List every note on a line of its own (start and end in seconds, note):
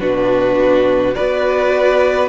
0.00 1.17 B2
0.00 1.15 D4
0.00 1.15 F#4
0.00 1.16 B4
1.15 2.29 B3
1.15 2.29 F#4
1.15 2.29 B4
1.15 2.29 D5